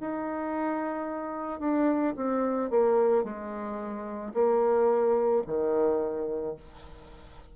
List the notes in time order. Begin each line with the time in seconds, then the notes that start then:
0.00 D#4
1.60 D4
2.16 C4
2.70 A#3
3.23 G#3
4.33 A#3
5.46 D#3